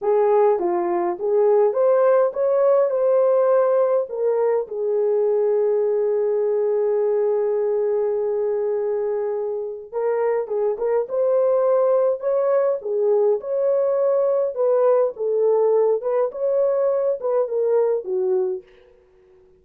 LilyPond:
\new Staff \with { instrumentName = "horn" } { \time 4/4 \tempo 4 = 103 gis'4 f'4 gis'4 c''4 | cis''4 c''2 ais'4 | gis'1~ | gis'1~ |
gis'4 ais'4 gis'8 ais'8 c''4~ | c''4 cis''4 gis'4 cis''4~ | cis''4 b'4 a'4. b'8 | cis''4. b'8 ais'4 fis'4 | }